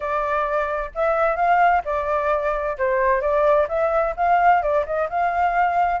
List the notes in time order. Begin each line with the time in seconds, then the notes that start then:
0.00 D5
0.94 E5
1.36 F5
1.84 D5
2.78 C5
3.21 D5
3.68 E5
4.16 F5
4.62 D5
4.85 D#5
5.09 F5